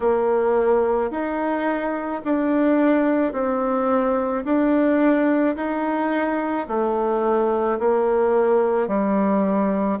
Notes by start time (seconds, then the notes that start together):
0.00 A#3
1.11 D#4
2.24 D4
3.32 C4
4.44 D4
5.56 D#4
6.67 A3
7.79 A#3
8.87 G3